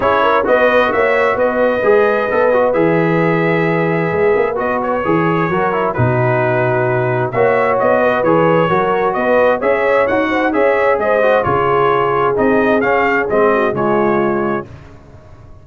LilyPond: <<
  \new Staff \with { instrumentName = "trumpet" } { \time 4/4 \tempo 4 = 131 cis''4 dis''4 e''4 dis''4~ | dis''2 e''2~ | e''2 dis''8 cis''4.~ | cis''4 b'2. |
e''4 dis''4 cis''2 | dis''4 e''4 fis''4 e''4 | dis''4 cis''2 dis''4 | f''4 dis''4 cis''2 | }
  \new Staff \with { instrumentName = "horn" } { \time 4/4 gis'8 ais'8 b'4 cis''4 b'4~ | b'1~ | b'1 | ais'4 fis'2. |
cis''4. b'4. ais'4 | b'4 cis''4. c''8 cis''4 | c''4 gis'2.~ | gis'4. fis'8 f'2 | }
  \new Staff \with { instrumentName = "trombone" } { \time 4/4 e'4 fis'2. | gis'4 a'8 fis'8 gis'2~ | gis'2 fis'4 gis'4 | fis'8 e'8 dis'2. |
fis'2 gis'4 fis'4~ | fis'4 gis'4 fis'4 gis'4~ | gis'8 fis'8 f'2 dis'4 | cis'4 c'4 gis2 | }
  \new Staff \with { instrumentName = "tuba" } { \time 4/4 cis'4 b4 ais4 b4 | gis4 b4 e2~ | e4 gis8 ais8 b4 e4 | fis4 b,2. |
ais4 b4 e4 fis4 | b4 cis'4 dis'4 cis'4 | gis4 cis2 c'4 | cis'4 gis4 cis2 | }
>>